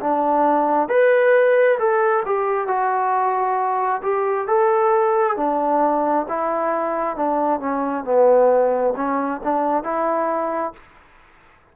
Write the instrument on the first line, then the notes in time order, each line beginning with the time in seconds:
trombone
0.00 D4
0.89 B4
1.79 A4
2.25 G4
2.67 F#4
4.03 G4
4.47 A4
5.36 D4
6.28 E4
7.16 D4
7.60 C#4
8.04 B3
8.96 C#4
9.44 D4
9.83 E4